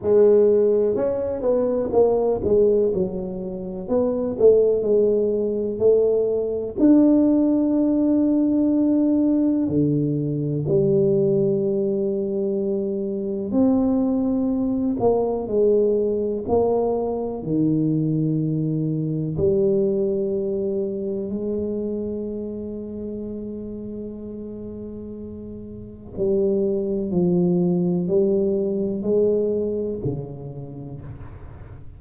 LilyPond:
\new Staff \with { instrumentName = "tuba" } { \time 4/4 \tempo 4 = 62 gis4 cis'8 b8 ais8 gis8 fis4 | b8 a8 gis4 a4 d'4~ | d'2 d4 g4~ | g2 c'4. ais8 |
gis4 ais4 dis2 | g2 gis2~ | gis2. g4 | f4 g4 gis4 cis4 | }